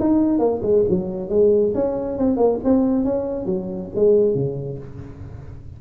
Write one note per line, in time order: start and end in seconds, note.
0.00 0.39 D#4
0.39 0.61 A#3
0.63 0.85 G#3
0.89 1.30 F#3
1.30 1.73 G#3
1.75 2.18 C#4
2.18 2.37 C4
2.37 2.59 A#3
2.64 3.05 C4
3.05 3.46 C#4
3.46 3.90 F#3
3.96 4.35 G#3
4.35 4.79 C#3